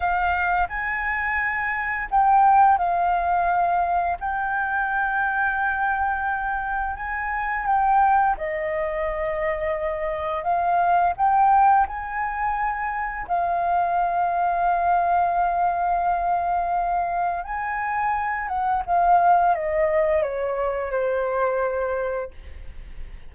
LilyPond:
\new Staff \with { instrumentName = "flute" } { \time 4/4 \tempo 4 = 86 f''4 gis''2 g''4 | f''2 g''2~ | g''2 gis''4 g''4 | dis''2. f''4 |
g''4 gis''2 f''4~ | f''1~ | f''4 gis''4. fis''8 f''4 | dis''4 cis''4 c''2 | }